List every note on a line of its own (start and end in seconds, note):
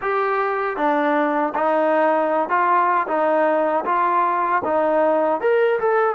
0.01 0.76 G4
0.76 1.53 D4
1.54 2.49 D#4
2.49 3.06 F4
3.07 3.84 D#4
3.85 4.62 F4
4.64 5.40 D#4
5.40 5.79 A#4
5.79 6.15 A4